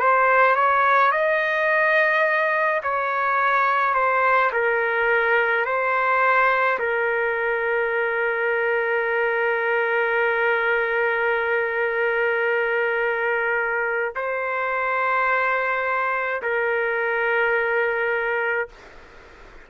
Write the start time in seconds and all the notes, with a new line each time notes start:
0.00 C5
0.56 C#5
1.11 D#5
2.83 C#5
3.94 C5
4.53 A#4
5.65 C5
6.79 A#4
14.15 C5
16.42 A#4